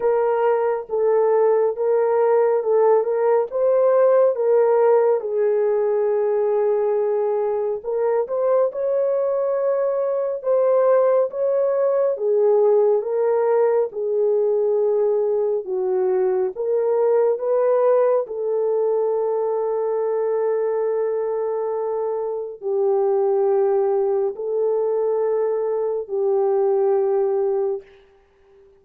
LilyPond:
\new Staff \with { instrumentName = "horn" } { \time 4/4 \tempo 4 = 69 ais'4 a'4 ais'4 a'8 ais'8 | c''4 ais'4 gis'2~ | gis'4 ais'8 c''8 cis''2 | c''4 cis''4 gis'4 ais'4 |
gis'2 fis'4 ais'4 | b'4 a'2.~ | a'2 g'2 | a'2 g'2 | }